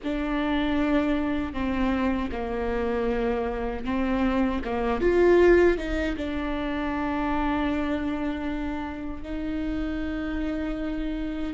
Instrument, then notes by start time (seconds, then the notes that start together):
viola
0.03 D4
1.53 C4
2.31 A#3
3.85 C4
4.64 A#3
5.00 F4
5.77 D#4
6.16 D4
9.23 D#4